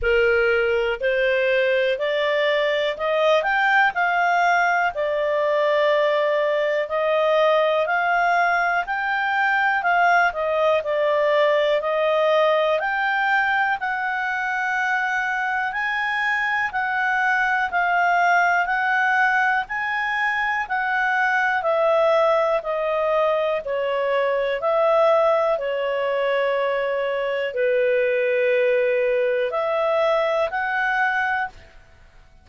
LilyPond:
\new Staff \with { instrumentName = "clarinet" } { \time 4/4 \tempo 4 = 61 ais'4 c''4 d''4 dis''8 g''8 | f''4 d''2 dis''4 | f''4 g''4 f''8 dis''8 d''4 | dis''4 g''4 fis''2 |
gis''4 fis''4 f''4 fis''4 | gis''4 fis''4 e''4 dis''4 | cis''4 e''4 cis''2 | b'2 e''4 fis''4 | }